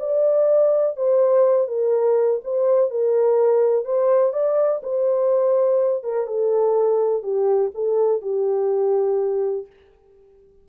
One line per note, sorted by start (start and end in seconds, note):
0.00 0.97 D5
0.97 1.68 C5
1.68 2.41 A#4
2.45 2.91 C5
2.91 3.86 A#4
3.86 4.33 C5
4.33 4.82 D5
4.83 6.04 C5
6.04 6.27 A#4
6.27 7.23 A4
7.23 7.72 G4
7.75 8.22 A4
8.22 9.67 G4